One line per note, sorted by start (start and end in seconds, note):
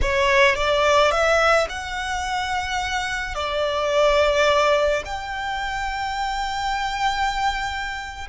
0.01 0.55 C#5
0.55 1.11 D5
1.11 1.67 E5
1.69 3.34 F#5
3.34 5.03 D5
5.05 8.27 G5